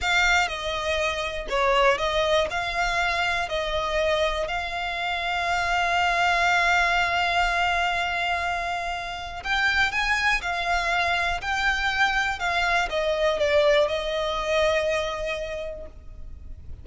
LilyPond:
\new Staff \with { instrumentName = "violin" } { \time 4/4 \tempo 4 = 121 f''4 dis''2 cis''4 | dis''4 f''2 dis''4~ | dis''4 f''2.~ | f''1~ |
f''2. g''4 | gis''4 f''2 g''4~ | g''4 f''4 dis''4 d''4 | dis''1 | }